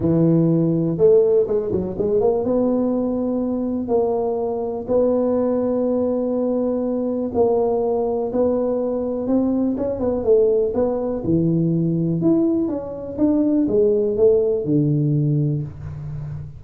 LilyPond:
\new Staff \with { instrumentName = "tuba" } { \time 4/4 \tempo 4 = 123 e2 a4 gis8 fis8 | gis8 ais8 b2. | ais2 b2~ | b2. ais4~ |
ais4 b2 c'4 | cis'8 b8 a4 b4 e4~ | e4 e'4 cis'4 d'4 | gis4 a4 d2 | }